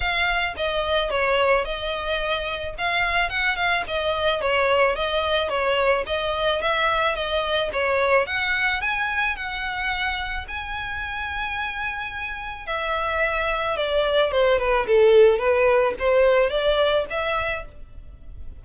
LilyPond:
\new Staff \with { instrumentName = "violin" } { \time 4/4 \tempo 4 = 109 f''4 dis''4 cis''4 dis''4~ | dis''4 f''4 fis''8 f''8 dis''4 | cis''4 dis''4 cis''4 dis''4 | e''4 dis''4 cis''4 fis''4 |
gis''4 fis''2 gis''4~ | gis''2. e''4~ | e''4 d''4 c''8 b'8 a'4 | b'4 c''4 d''4 e''4 | }